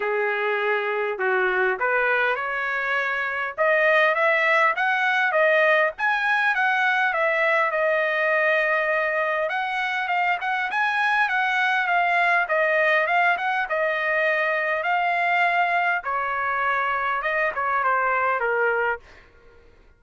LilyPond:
\new Staff \with { instrumentName = "trumpet" } { \time 4/4 \tempo 4 = 101 gis'2 fis'4 b'4 | cis''2 dis''4 e''4 | fis''4 dis''4 gis''4 fis''4 | e''4 dis''2. |
fis''4 f''8 fis''8 gis''4 fis''4 | f''4 dis''4 f''8 fis''8 dis''4~ | dis''4 f''2 cis''4~ | cis''4 dis''8 cis''8 c''4 ais'4 | }